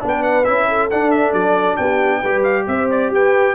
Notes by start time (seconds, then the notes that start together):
0.00 B3 D4 B4
0.08 G5
0.22 F#5
0.44 C#4 E4 E5
0.68 A4
0.90 D4 F#5
1.10 E5
1.32 F#3 D5
1.76 B3 G4 G5
2.19 G3 G4 B4
2.43 F5
2.67 C4 C5 E5
2.91 D5
3.10 G4 B4 G5